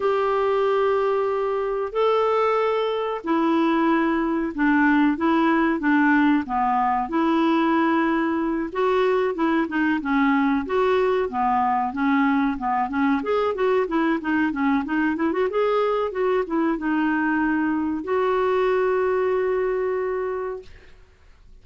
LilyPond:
\new Staff \with { instrumentName = "clarinet" } { \time 4/4 \tempo 4 = 93 g'2. a'4~ | a'4 e'2 d'4 | e'4 d'4 b4 e'4~ | e'4. fis'4 e'8 dis'8 cis'8~ |
cis'8 fis'4 b4 cis'4 b8 | cis'8 gis'8 fis'8 e'8 dis'8 cis'8 dis'8 e'16 fis'16 | gis'4 fis'8 e'8 dis'2 | fis'1 | }